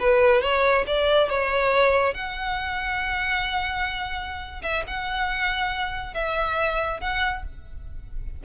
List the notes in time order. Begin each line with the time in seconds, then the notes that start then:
0.00 B4
0.42 C#5
0.88 D5
1.30 C#5
2.14 F#5
4.63 E5
4.88 F#5
6.15 E5
7.01 F#5